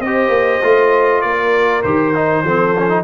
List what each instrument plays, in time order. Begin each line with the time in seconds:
0.00 tuba C4, horn C5, trumpet D#5
0.06 trombone G4
0.29 tuba A#3
0.63 tuba A3, trombone F4
1.21 tuba A#3, horn A#4, trumpet D5
1.83 tuba D#3, trombone G4, trumpet C5
2.15 trombone D#4
2.44 tuba F3, trombone C4, horn A4
2.78 trombone C#4
2.90 trombone D#4